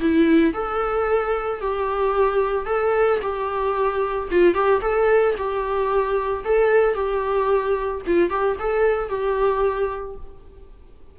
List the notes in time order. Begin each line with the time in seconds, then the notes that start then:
0.00 E4
0.54 A4
1.61 G4
2.66 A4
3.22 G4
4.31 F4
4.54 G4
4.82 A4
5.37 G4
6.45 A4
6.94 G4
8.07 F4
8.30 G4
8.59 A4
9.09 G4